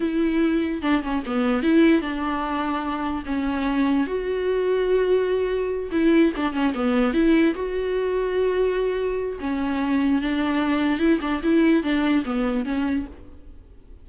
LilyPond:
\new Staff \with { instrumentName = "viola" } { \time 4/4 \tempo 4 = 147 e'2 d'8 cis'8 b4 | e'4 d'2. | cis'2 fis'2~ | fis'2~ fis'8 e'4 d'8 |
cis'8 b4 e'4 fis'4.~ | fis'2. cis'4~ | cis'4 d'2 e'8 d'8 | e'4 d'4 b4 cis'4 | }